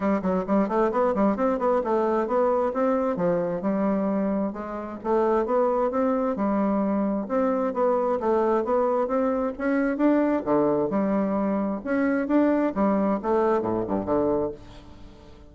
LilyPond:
\new Staff \with { instrumentName = "bassoon" } { \time 4/4 \tempo 4 = 132 g8 fis8 g8 a8 b8 g8 c'8 b8 | a4 b4 c'4 f4 | g2 gis4 a4 | b4 c'4 g2 |
c'4 b4 a4 b4 | c'4 cis'4 d'4 d4 | g2 cis'4 d'4 | g4 a4 a,8 g,8 d4 | }